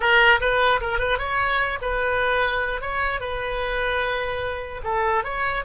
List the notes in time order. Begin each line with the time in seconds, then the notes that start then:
0.00 A#4
0.40 B4
0.81 A#4
0.99 B4
1.18 C#5
1.81 B4
2.81 C#5
3.20 B4
4.83 A4
5.23 C#5